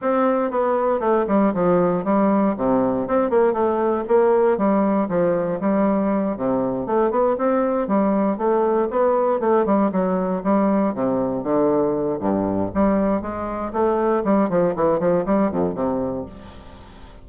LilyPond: \new Staff \with { instrumentName = "bassoon" } { \time 4/4 \tempo 4 = 118 c'4 b4 a8 g8 f4 | g4 c4 c'8 ais8 a4 | ais4 g4 f4 g4~ | g8 c4 a8 b8 c'4 g8~ |
g8 a4 b4 a8 g8 fis8~ | fis8 g4 c4 d4. | g,4 g4 gis4 a4 | g8 f8 e8 f8 g8 f,8 c4 | }